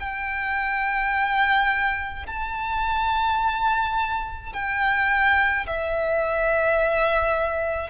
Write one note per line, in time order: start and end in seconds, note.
0.00 2.26 G5
2.27 4.53 A5
4.53 5.67 G5
5.67 7.90 E5